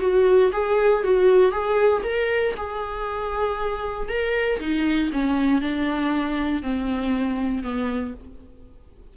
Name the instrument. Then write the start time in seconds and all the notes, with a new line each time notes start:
viola
0.00 F#4
0.52 G#4
1.03 F#4
1.52 G#4
2.03 A#4
2.57 G#4
4.09 A#4
4.60 D#4
5.12 C#4
5.61 D4
6.62 C4
7.63 B3